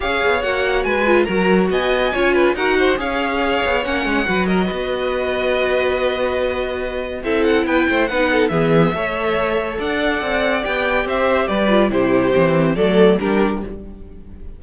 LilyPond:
<<
  \new Staff \with { instrumentName = "violin" } { \time 4/4 \tempo 4 = 141 f''4 fis''4 gis''4 ais''4 | gis''2 fis''4 f''4~ | f''4 fis''4. dis''4.~ | dis''1~ |
dis''4 e''8 fis''8 g''4 fis''4 | e''2. fis''4~ | fis''4 g''4 e''4 d''4 | c''2 d''4 ais'4 | }
  \new Staff \with { instrumentName = "violin" } { \time 4/4 cis''2 b'4 ais'4 | dis''4 cis''8 b'8 ais'8 c''8 cis''4~ | cis''2 b'8 ais'8 b'4~ | b'1~ |
b'4 a'4 b'8 c''8 b'8 a'8 | gis'4 cis''2 d''4~ | d''2 c''4 b'4 | g'2 a'4 g'4 | }
  \new Staff \with { instrumentName = "viola" } { \time 4/4 gis'4 fis'4. f'8 fis'4~ | fis'4 f'4 fis'4 gis'4~ | gis'4 cis'4 fis'2~ | fis'1~ |
fis'4 e'2 dis'4 | b4 a'2.~ | a'4 g'2~ g'8 f'8 | e'4 c'4 a4 d'4 | }
  \new Staff \with { instrumentName = "cello" } { \time 4/4 cis'8 b8 ais4 gis4 fis4 | b4 cis'4 dis'4 cis'4~ | cis'8 b8 ais8 gis8 fis4 b4~ | b1~ |
b4 c'4 b8 a8 b4 | e4 a2 d'4 | c'4 b4 c'4 g4 | c4 e4 fis4 g4 | }
>>